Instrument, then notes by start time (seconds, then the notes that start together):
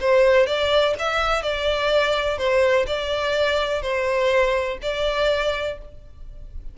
violin
0.00 C5
0.46 D5
0.99 E5
1.42 D5
2.38 C5
2.87 D5
3.82 C5
4.82 D5